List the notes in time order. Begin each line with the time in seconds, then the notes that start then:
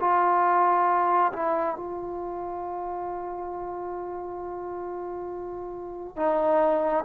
0.00 F4
1.32 E4
1.76 F4
6.16 D#4